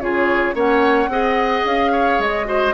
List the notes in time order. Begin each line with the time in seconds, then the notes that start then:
0.00 C#3 F4 G#4 C#5
0.54 A#3 C#4 C#5 F#5
1.08 C4 G#4 D#5
1.64 C#4 F5
1.91 C#5
2.18 G#3 D#5
2.44 F#4 C5